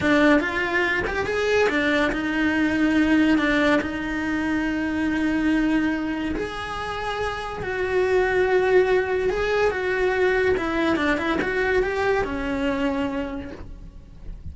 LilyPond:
\new Staff \with { instrumentName = "cello" } { \time 4/4 \tempo 4 = 142 d'4 f'4. g'8 gis'4 | d'4 dis'2. | d'4 dis'2.~ | dis'2. gis'4~ |
gis'2 fis'2~ | fis'2 gis'4 fis'4~ | fis'4 e'4 d'8 e'8 fis'4 | g'4 cis'2. | }